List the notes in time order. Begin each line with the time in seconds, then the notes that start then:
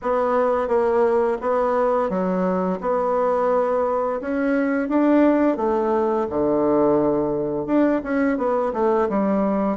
0.02 B3
0.68 A#3
1.41 B3
2.09 F#3
2.81 B3
4.20 C#4
4.88 D4
5.57 A3
6.29 D3
7.66 D4
8.03 C#4
8.37 B3
8.73 A3
9.09 G3